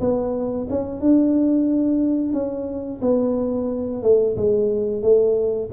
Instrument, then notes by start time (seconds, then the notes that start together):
tuba
0.00 B3
0.70 C#4
1.01 D4
2.33 C#4
3.02 B3
4.02 A3
4.37 G#3
5.02 A3